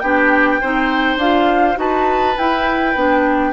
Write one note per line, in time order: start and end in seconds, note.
0.00 0.61 B3
0.00 0.62 D4
0.00 0.61 G4
0.00 1.18 G5
0.61 1.17 C4
0.61 1.21 D#4
0.61 1.79 C5
1.17 1.76 D4
1.17 1.76 F4
1.17 1.78 F5
1.76 2.37 D#4
1.76 2.34 F#4
1.76 3.53 B4
1.76 2.38 A5
2.38 2.96 E4
2.38 3.53 G5
2.96 3.53 B3
2.96 3.53 D4